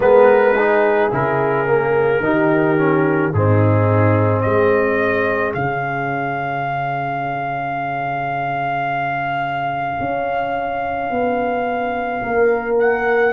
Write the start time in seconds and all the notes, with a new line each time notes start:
0.00 G#3 B3 A#4 B4
0.57 D#4 G#4
1.11 C#3 E4 A#4
1.66 A#3
2.19 D#3 D#4 G4
2.77 C#4
3.33 G#2 C4 D#4 G#4
4.41 G#3 G#4 D#5
5.53 C#3 C#4 F5
9.99 C#4
11.10 B3
12.22 A#3 A#4
12.79 F#5